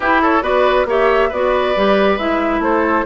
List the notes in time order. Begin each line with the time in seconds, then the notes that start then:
0.00 E4 G4 B4
0.21 A4 C#5
0.42 B3 F#4 B4 D5
0.85 A#3 G4 C#5 E5
1.29 B3 F#4 B4 D5
1.75 G3 G4
2.18 G#3 E4 E5
2.59 A3 A4 C5